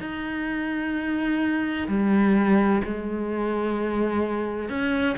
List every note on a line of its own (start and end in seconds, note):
0.00 1.87 D#4
1.88 2.82 G3
2.84 4.69 G#3
4.69 5.16 C#4